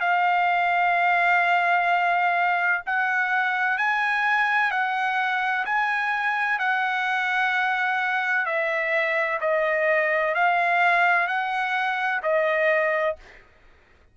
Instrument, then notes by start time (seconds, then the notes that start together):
trumpet
0.00 F5
2.86 F#5
3.78 G#5
4.71 F#5
5.65 G#5
6.59 F#5
8.45 E5
9.40 D#5
10.34 F5
11.27 F#5
12.22 D#5